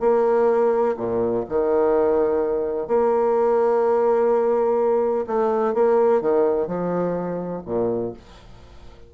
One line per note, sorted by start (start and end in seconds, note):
0.00 0.95 A#3
0.97 1.44 A#2
1.49 2.88 D#3
2.88 5.26 A#3
5.27 5.74 A3
5.74 6.21 A#3
6.21 6.67 D#3
6.67 7.62 F3
7.66 8.13 A#2